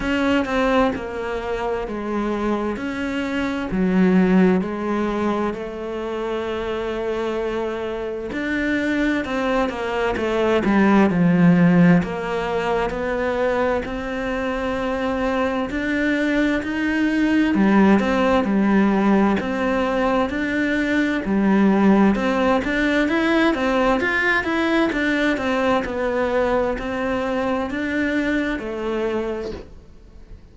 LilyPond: \new Staff \with { instrumentName = "cello" } { \time 4/4 \tempo 4 = 65 cis'8 c'8 ais4 gis4 cis'4 | fis4 gis4 a2~ | a4 d'4 c'8 ais8 a8 g8 | f4 ais4 b4 c'4~ |
c'4 d'4 dis'4 g8 c'8 | g4 c'4 d'4 g4 | c'8 d'8 e'8 c'8 f'8 e'8 d'8 c'8 | b4 c'4 d'4 a4 | }